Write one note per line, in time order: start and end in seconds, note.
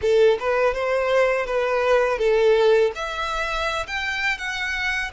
0.01 0.38 A4
0.39 0.74 B4
0.74 1.46 C5
1.46 2.18 B4
2.18 2.91 A4
2.95 3.86 E5
3.87 4.38 G5
4.38 5.11 F#5